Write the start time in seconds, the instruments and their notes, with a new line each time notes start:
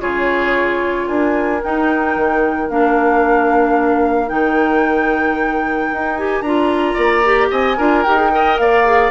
0.00 bassoon C#3, clarinet F4, oboe G#4, flute C#5
1.07 bassoon D4, oboe A#4, flute G#5
1.63 clarinet D#4, bassoon D#4, flute G5
2.15 bassoon D#3
2.69 bassoon A#3, clarinet D4, flute F5
4.27 bassoon D#3, clarinet D#4, flute G5
5.93 bassoon D#4
6.16 clarinet G4, flute G#5
6.41 bassoon D4, clarinet F4, flute A#5
6.94 bassoon A#3, oboe D5
7.23 clarinet G4
7.50 bassoon C4, oboe D#5, flute G#5
7.77 bassoon D4, clarinet F4, oboe A#4
8.03 bassoon D#4, clarinet G4, flute G5
8.16 clarinet G#4
8.31 clarinet A#4, oboe D#5
8.58 bassoon A#3, oboe D5, flute F5
8.84 clarinet G#4